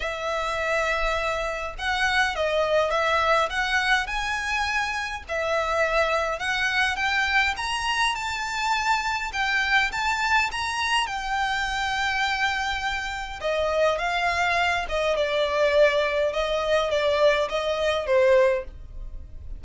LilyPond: \new Staff \with { instrumentName = "violin" } { \time 4/4 \tempo 4 = 103 e''2. fis''4 | dis''4 e''4 fis''4 gis''4~ | gis''4 e''2 fis''4 | g''4 ais''4 a''2 |
g''4 a''4 ais''4 g''4~ | g''2. dis''4 | f''4. dis''8 d''2 | dis''4 d''4 dis''4 c''4 | }